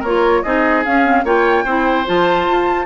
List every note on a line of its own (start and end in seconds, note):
0.00 0.42 A#3
0.00 0.44 F4
0.00 0.41 A#4
0.00 0.43 C#5
0.43 0.85 C4
0.43 0.85 D#4
0.43 1.24 G#4
0.43 0.83 D#5
0.85 1.03 C#4
0.85 1.24 C#4
0.85 1.25 F5
1.03 1.24 C4
1.24 1.64 A#3
1.24 1.65 F4
1.24 1.64 C#5
1.24 2.07 G5
1.64 2.05 C4
1.64 2.06 E4
1.64 2.86 C5
2.06 2.47 F3
2.06 2.86 F4
2.06 2.86 A5
2.47 2.86 F4